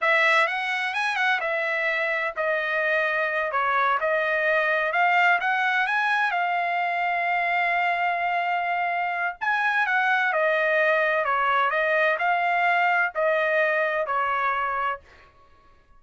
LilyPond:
\new Staff \with { instrumentName = "trumpet" } { \time 4/4 \tempo 4 = 128 e''4 fis''4 gis''8 fis''8 e''4~ | e''4 dis''2~ dis''8 cis''8~ | cis''8 dis''2 f''4 fis''8~ | fis''8 gis''4 f''2~ f''8~ |
f''1 | gis''4 fis''4 dis''2 | cis''4 dis''4 f''2 | dis''2 cis''2 | }